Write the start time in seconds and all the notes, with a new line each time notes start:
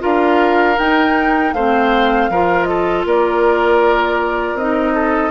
0.00 D4 F4 A#4 F5
0.79 D#4 G5
1.53 A3 C4 C5 F5
2.30 F3 F4 A#4
2.64 A4 D#5
3.06 A#3 A#4 D5
4.54 C4 D#4 D#5
4.95 A4